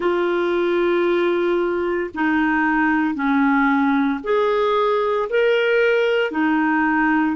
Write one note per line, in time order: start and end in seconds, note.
0.00 2.10 F4
2.14 3.14 D#4
3.14 4.20 C#4
4.23 5.28 G#4
5.29 6.31 A#4
6.31 7.36 D#4